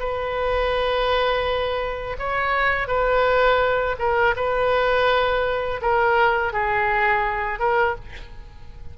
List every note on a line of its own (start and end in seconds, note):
0.00 2.17 B4
2.19 2.88 C#5
2.88 3.97 B4
3.99 4.35 A#4
4.37 5.81 B4
5.82 6.53 A#4
6.53 7.60 G#4
7.60 7.96 A#4